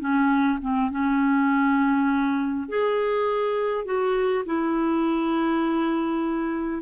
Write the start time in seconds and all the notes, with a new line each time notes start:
0.00 C#4
0.62 C4
0.91 C#4
2.69 G#4
3.86 F#4
4.46 E4